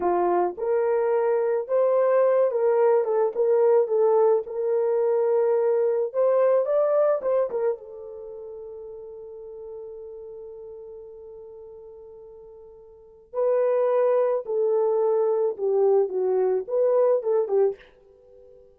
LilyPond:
\new Staff \with { instrumentName = "horn" } { \time 4/4 \tempo 4 = 108 f'4 ais'2 c''4~ | c''8 ais'4 a'8 ais'4 a'4 | ais'2. c''4 | d''4 c''8 ais'8 a'2~ |
a'1~ | a'1 | b'2 a'2 | g'4 fis'4 b'4 a'8 g'8 | }